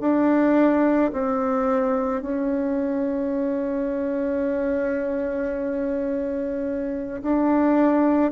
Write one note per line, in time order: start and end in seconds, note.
0.00 1.11 D4
1.13 2.22 C4
2.22 7.22 C#4
7.22 8.31 D4